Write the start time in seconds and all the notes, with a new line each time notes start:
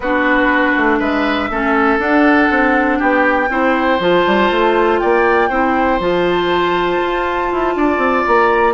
0.00 B3 D4 F#4 B4
0.76 A3
0.99 G#3 B4 E5
1.49 A3 C#4 A4
1.98 D4 F#5
2.50 C4
2.98 B3 G4 G5
3.49 C4 E4 C5
3.99 F3 F4 A5
4.26 G3
4.50 A3
4.99 A#3 D5 G5
5.49 C4 E4 C5
5.99 F3 F4 A5
7.02 F4
7.51 E4
7.75 D4 D5
7.97 C4
8.26 A#3 A#5